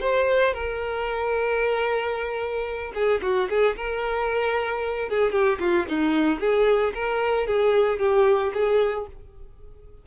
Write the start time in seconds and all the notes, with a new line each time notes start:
0.00 C5
0.53 A#4
2.94 G#4
3.22 F#4
3.49 G#4
3.76 A#4
5.09 G#4
5.32 G4
5.59 F4
5.88 D#4
6.40 G#4
6.94 A#4
7.46 G#4
7.99 G4
8.53 G#4